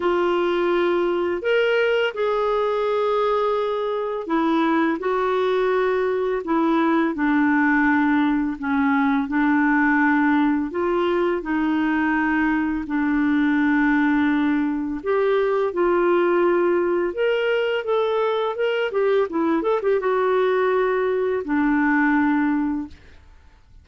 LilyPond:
\new Staff \with { instrumentName = "clarinet" } { \time 4/4 \tempo 4 = 84 f'2 ais'4 gis'4~ | gis'2 e'4 fis'4~ | fis'4 e'4 d'2 | cis'4 d'2 f'4 |
dis'2 d'2~ | d'4 g'4 f'2 | ais'4 a'4 ais'8 g'8 e'8 a'16 g'16 | fis'2 d'2 | }